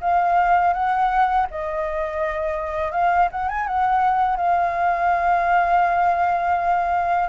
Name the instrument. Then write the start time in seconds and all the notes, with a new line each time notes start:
flute
0.00 F5
0.73 F#5
1.50 D#5
2.91 F5
3.31 F#5
3.48 G#5
3.67 F#5
4.36 F5